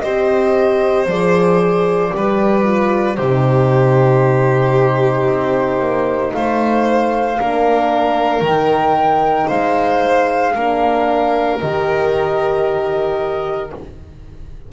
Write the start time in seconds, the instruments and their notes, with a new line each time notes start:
0.00 double bass C4, horn G4, violin C5, flute D#5
1.06 double bass F3, horn G#4, flute D5
2.11 double bass G3, horn G4, violin B4
2.64 horn F4
3.16 double bass C3, horn D#4, violin G4, flute C5
5.28 double bass C4
5.80 double bass A#3
6.33 double bass A3, violin C5, flute F5
7.39 double bass A#3, horn D4, violin A#4
8.41 double bass D#3, horn D#4, flute G5
9.48 double bass G#3, violin C5, flute F5
10.55 double bass A#3, horn D4, violin A#4
11.60 double bass D#3, horn G4, flute D#5